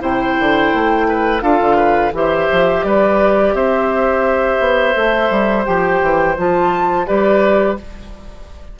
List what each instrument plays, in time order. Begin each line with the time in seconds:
0.00 bassoon C3, clarinet E4, oboe C5, flute G5
0.40 bassoon D3
0.73 bassoon A3
1.08 oboe B4
1.40 bassoon D4, clarinet F4, oboe A4, flute F5
1.60 bassoon D3
1.76 oboe B4
2.12 bassoon E3, clarinet G4, oboe C5, flute E5
2.52 bassoon F3
2.84 bassoon G3, oboe B4, flute D5
3.54 bassoon C4, oboe C5, flute E5
4.59 bassoon B3
4.94 bassoon A3, clarinet A4
5.30 bassoon G3
5.65 bassoon F3, clarinet G4, flute G5
6.02 bassoon E3
6.37 bassoon F3, clarinet F4, flute A5
7.06 bassoon G3, clarinet G4, oboe B4, flute D5